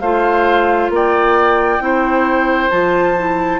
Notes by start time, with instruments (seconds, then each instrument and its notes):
0.00 bassoon A3, clarinet F4, oboe C5, flute F5
0.90 bassoon A#3, oboe D5, flute G5
1.80 bassoon C4, clarinet E4, oboe C5
2.70 bassoon F3, clarinet F4, flute A5
3.17 clarinet E4